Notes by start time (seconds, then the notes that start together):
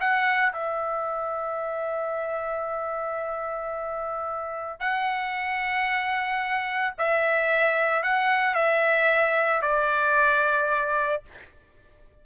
0.00 F#5
0.52 E5
4.79 F#5
6.98 E5
8.03 F#5
8.54 E5
9.62 D5